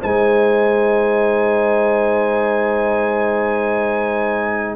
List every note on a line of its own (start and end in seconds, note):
0.00 4.75 G#3
0.00 4.75 D#4
0.00 4.75 C5
0.00 4.75 G#5